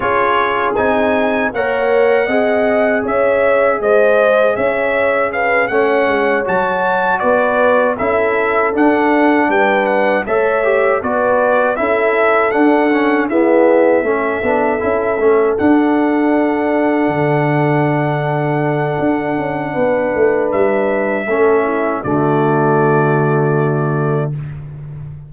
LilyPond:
<<
  \new Staff \with { instrumentName = "trumpet" } { \time 4/4 \tempo 4 = 79 cis''4 gis''4 fis''2 | e''4 dis''4 e''4 f''8 fis''8~ | fis''8 a''4 d''4 e''4 fis''8~ | fis''8 g''8 fis''8 e''4 d''4 e''8~ |
e''8 fis''4 e''2~ e''8~ | e''8 fis''2.~ fis''8~ | fis''2. e''4~ | e''4 d''2. | }
  \new Staff \with { instrumentName = "horn" } { \time 4/4 gis'2 cis''4 dis''4 | cis''4 c''4 cis''4 b'8 cis''8~ | cis''4. b'4 a'4.~ | a'8 b'4 cis''4 b'4 a'8~ |
a'4. gis'4 a'4.~ | a'1~ | a'2 b'2 | a'8 e'8 fis'2. | }
  \new Staff \with { instrumentName = "trombone" } { \time 4/4 f'4 dis'4 ais'4 gis'4~ | gis'2.~ gis'8 cis'8~ | cis'8 fis'2 e'4 d'8~ | d'4. a'8 g'8 fis'4 e'8~ |
e'8 d'8 cis'8 b4 cis'8 d'8 e'8 | cis'8 d'2.~ d'8~ | d'1 | cis'4 a2. | }
  \new Staff \with { instrumentName = "tuba" } { \time 4/4 cis'4 c'4 ais4 c'4 | cis'4 gis4 cis'4. a8 | gis8 fis4 b4 cis'4 d'8~ | d'8 g4 a4 b4 cis'8~ |
cis'8 d'4 e'4 a8 b8 cis'8 | a8 d'2 d4.~ | d4 d'8 cis'8 b8 a8 g4 | a4 d2. | }
>>